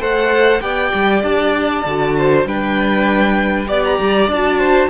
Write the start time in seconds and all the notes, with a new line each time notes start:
0.00 A3 A4 C5 F#5
0.61 B3 G4 D5 G5
0.94 G3
1.23 D4 A5
1.86 D3 F#4
2.18 C5
2.46 G3 D4 B4 G5
3.67 B3 G4 D5
3.84 A#5
4.00 G3
4.28 D4 F#4 A5
4.59 C5